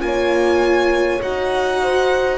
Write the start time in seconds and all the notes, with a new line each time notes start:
0.00 A#3 F4 C#5 G#5
1.21 D#4 F#4 F#5
1.83 C5